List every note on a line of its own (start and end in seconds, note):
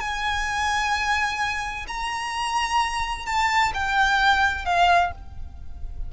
0.00 1.86 G#5
1.88 3.26 A#5
3.26 3.72 A5
3.74 4.65 G5
4.65 5.11 F5